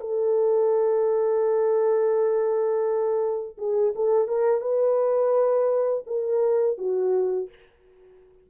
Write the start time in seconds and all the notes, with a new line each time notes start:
0.00 A4
3.58 G#4
3.95 A4
4.28 A#4
4.61 B4
6.06 A#4
6.78 F#4